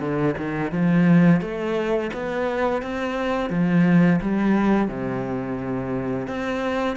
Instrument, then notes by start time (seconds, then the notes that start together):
cello
0.00 D3
0.37 D#3
0.72 F3
1.41 A3
2.13 B3
2.82 C4
3.50 F3
4.21 G3
4.88 C3
6.27 C4